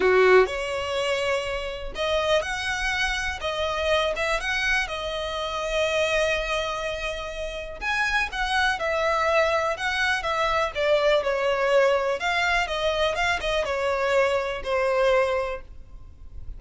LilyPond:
\new Staff \with { instrumentName = "violin" } { \time 4/4 \tempo 4 = 123 fis'4 cis''2. | dis''4 fis''2 dis''4~ | dis''8 e''8 fis''4 dis''2~ | dis''1 |
gis''4 fis''4 e''2 | fis''4 e''4 d''4 cis''4~ | cis''4 f''4 dis''4 f''8 dis''8 | cis''2 c''2 | }